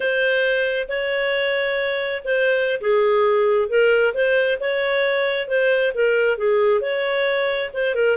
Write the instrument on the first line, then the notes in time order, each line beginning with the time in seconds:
clarinet
0.00 C5
0.88 C#5
2.24 C5
2.80 G#4
3.69 A#4
4.14 C5
4.60 C#5
5.47 C5
5.94 A#4
6.37 G#4
6.80 C#5
7.73 C5
7.94 A#4